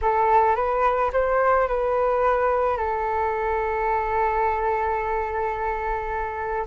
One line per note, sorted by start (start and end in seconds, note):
0.01 0.55 A4
0.55 1.11 B4
1.12 1.67 C5
1.67 2.77 B4
2.77 6.66 A4